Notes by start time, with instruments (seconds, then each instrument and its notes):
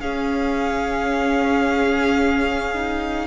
0.00 cello C#4, viola C#4, violin G#4 F5
2.74 viola D#4